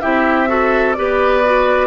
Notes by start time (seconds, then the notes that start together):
0.00 C4 E4 G4 E5
0.47 F#4 A4
0.93 B3 G4 B4 D5
1.44 F#4